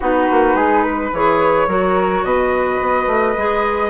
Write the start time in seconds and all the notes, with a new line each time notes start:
0.00 B3 D#4 F#4 B4
0.31 A#3
0.54 G#3 G#4
0.83 B4
1.12 E3 G#4 C#5
1.67 F#3 F#4 A#4
2.23 B2 B4 D#5
2.81 B3
3.06 A3
3.36 G#3 G#4